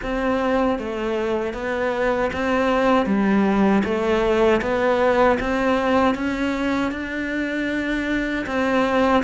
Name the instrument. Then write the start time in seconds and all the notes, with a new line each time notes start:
cello
0.02 C4
0.78 A3
1.53 B3
2.33 C4
3.06 G3
3.84 A3
4.61 B3
5.40 C4
6.14 C#4
6.91 D4
8.46 C4